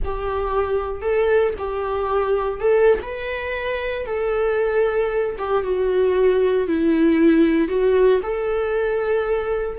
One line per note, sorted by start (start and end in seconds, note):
0.04 1.01 G4
1.01 1.53 A4
1.58 2.60 G4
2.60 2.99 A4
3.01 4.06 B4
4.06 5.36 A4
5.38 5.63 G4
5.63 6.67 F#4
6.67 7.68 E4
7.68 8.20 F#4
8.22 9.78 A4